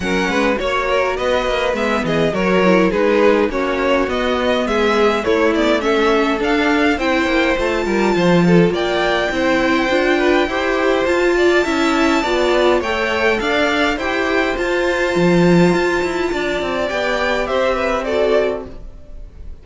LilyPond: <<
  \new Staff \with { instrumentName = "violin" } { \time 4/4 \tempo 4 = 103 fis''4 cis''4 dis''4 e''8 dis''8 | cis''4 b'4 cis''4 dis''4 | e''4 cis''8 d''8 e''4 f''4 | g''4 a''2 g''4~ |
g''2. a''4~ | a''2 g''4 f''4 | g''4 a''2.~ | a''4 g''4 e''4 d''4 | }
  \new Staff \with { instrumentName = "violin" } { \time 4/4 ais'8 b'8 cis''8 ais'8 b'4. gis'8 | ais'4 gis'4 fis'2 | gis'4 e'4 a'2 | c''4. ais'8 c''8 a'8 d''4 |
c''4. b'8 c''4. d''8 | e''4 d''4 cis''4 d''4 | c''1 | d''2 c''8 b'8 a'4 | }
  \new Staff \with { instrumentName = "viola" } { \time 4/4 cis'4 fis'2 b4 | fis'8 e'8 dis'4 cis'4 b4~ | b4 a8 b8 cis'4 d'4 | e'4 f'2. |
e'4 f'4 g'4 f'4 | e'4 f'4 a'2 | g'4 f'2.~ | f'4 g'2 fis'4 | }
  \new Staff \with { instrumentName = "cello" } { \time 4/4 fis8 gis8 ais4 b8 ais8 gis8 e8 | fis4 gis4 ais4 b4 | gis4 a2 d'4 | c'8 ais8 a8 g8 f4 ais4 |
c'4 d'4 e'4 f'4 | cis'4 b4 a4 d'4 | e'4 f'4 f4 f'8 e'8 | d'8 c'8 b4 c'2 | }
>>